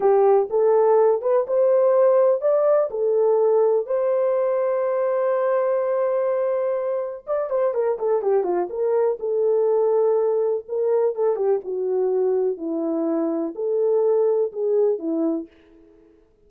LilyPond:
\new Staff \with { instrumentName = "horn" } { \time 4/4 \tempo 4 = 124 g'4 a'4. b'8 c''4~ | c''4 d''4 a'2 | c''1~ | c''2. d''8 c''8 |
ais'8 a'8 g'8 f'8 ais'4 a'4~ | a'2 ais'4 a'8 g'8 | fis'2 e'2 | a'2 gis'4 e'4 | }